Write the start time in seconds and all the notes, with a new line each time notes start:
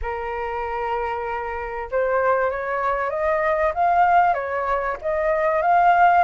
0.02 A#4
1.91 C5
2.50 C#5
3.10 D#5
3.74 F5
4.34 C#5
5.01 D#5
5.61 F5